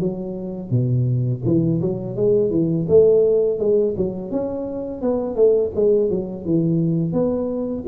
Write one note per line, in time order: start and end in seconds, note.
0.00 0.71 F#3
0.71 1.42 B2
1.45 1.81 E3
1.81 2.16 F#3
2.16 2.51 G#3
2.51 2.87 E3
2.89 3.59 A3
3.59 3.95 G#3
3.97 4.32 F#3
4.32 5.02 C#4
5.02 5.36 B3
5.36 5.71 A3
5.76 6.10 G#3
6.10 6.45 F#3
6.45 7.13 E3
7.13 7.85 B3